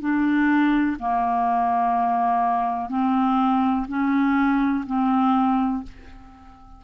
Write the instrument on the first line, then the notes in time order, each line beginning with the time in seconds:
clarinet
0.00 D4
0.99 A#3
2.89 C4
3.88 C#4
4.86 C4